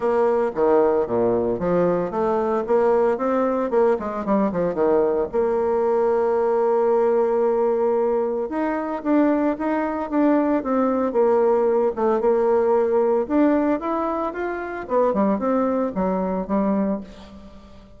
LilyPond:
\new Staff \with { instrumentName = "bassoon" } { \time 4/4 \tempo 4 = 113 ais4 dis4 ais,4 f4 | a4 ais4 c'4 ais8 gis8 | g8 f8 dis4 ais2~ | ais1 |
dis'4 d'4 dis'4 d'4 | c'4 ais4. a8 ais4~ | ais4 d'4 e'4 f'4 | b8 g8 c'4 fis4 g4 | }